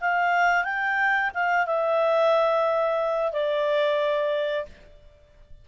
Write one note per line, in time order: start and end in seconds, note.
0.00 0.64 F5
0.64 1.31 G5
1.34 1.66 F5
1.66 3.32 E5
3.32 4.65 D5